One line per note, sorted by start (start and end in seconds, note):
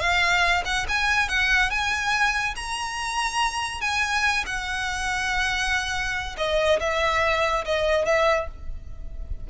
0.00 0.63 F5
0.65 0.86 F#5
0.89 1.28 G#5
1.28 1.70 F#5
1.70 2.55 G#5
2.56 3.81 A#5
3.81 4.44 G#5
4.46 6.36 F#5
6.37 6.80 D#5
6.80 7.64 E5
7.65 8.05 D#5
8.05 8.48 E5